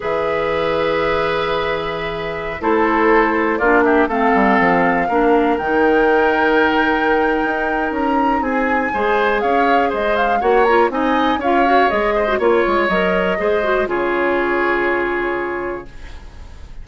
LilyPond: <<
  \new Staff \with { instrumentName = "flute" } { \time 4/4 \tempo 4 = 121 e''1~ | e''4~ e''16 c''2 d''8 e''16~ | e''16 f''2. g''8.~ | g''1 |
ais''4 gis''2 f''4 | dis''8 f''8 fis''8 ais''8 gis''4 f''4 | dis''4 cis''4 dis''2 | cis''1 | }
  \new Staff \with { instrumentName = "oboe" } { \time 4/4 b'1~ | b'4~ b'16 a'2 f'8 g'16~ | g'16 a'2 ais'4.~ ais'16~ | ais'1~ |
ais'4 gis'4 c''4 cis''4 | c''4 cis''4 dis''4 cis''4~ | cis''8 c''8 cis''2 c''4 | gis'1 | }
  \new Staff \with { instrumentName = "clarinet" } { \time 4/4 gis'1~ | gis'4~ gis'16 e'2 d'8.~ | d'16 c'2 d'4 dis'8.~ | dis'1~ |
dis'2 gis'2~ | gis'4 fis'8 f'8 dis'4 f'8 fis'8 | gis'8. fis'16 f'4 ais'4 gis'8 fis'8 | f'1 | }
  \new Staff \with { instrumentName = "bassoon" } { \time 4/4 e1~ | e4~ e16 a2 ais8.~ | ais16 a8 g8 f4 ais4 dis8.~ | dis2. dis'4 |
cis'4 c'4 gis4 cis'4 | gis4 ais4 c'4 cis'4 | gis4 ais8 gis8 fis4 gis4 | cis1 | }
>>